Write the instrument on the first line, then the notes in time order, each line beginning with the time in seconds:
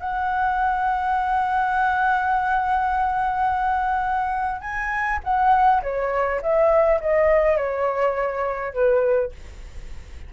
flute
0.00 F#5
4.61 G#5
5.24 F#5
5.83 C#5
6.42 E5
7.00 D#5
7.57 C#5
8.74 B4